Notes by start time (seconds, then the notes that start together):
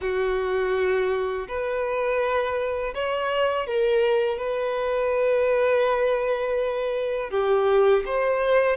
0.01 F#4
1.47 B4
2.94 C#5
3.66 A#4
4.38 B4
7.30 G4
8.05 C5